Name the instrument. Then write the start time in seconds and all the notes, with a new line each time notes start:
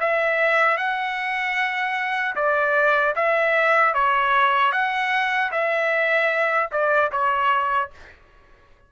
trumpet
0.00 E5
0.77 F#5
2.36 D5
3.15 E5
3.94 C#5
4.72 F#5
5.52 E5
6.72 D5
7.12 C#5